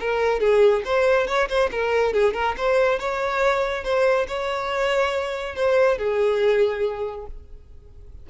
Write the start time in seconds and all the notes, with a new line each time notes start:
0.00 A#4
0.40 G#4
0.85 C5
1.27 C#5
1.49 C5
1.72 A#4
2.13 G#4
2.34 A#4
2.57 C5
2.99 C#5
3.84 C5
4.28 C#5
5.56 C5
5.98 G#4